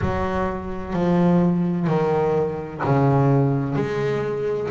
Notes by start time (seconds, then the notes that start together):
0.01 F#3
0.93 F3
1.87 D#3
2.83 C#3
3.75 G#3